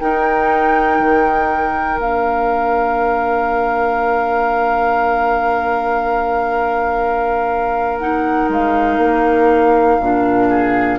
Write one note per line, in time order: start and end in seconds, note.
0.00 2.00 D#4
0.00 0.99 D#4
0.00 10.49 A#4
0.00 2.00 G5
0.99 1.98 D#3
1.98 8.48 A#3
1.98 8.00 D4
1.98 7.99 F5
7.99 10.00 D#4
7.99 8.49 F#5
8.49 8.98 G#3
8.49 10.99 F5
8.98 9.98 A#3
10.00 10.99 A#2
10.00 10.99 D4
10.49 10.99 G#4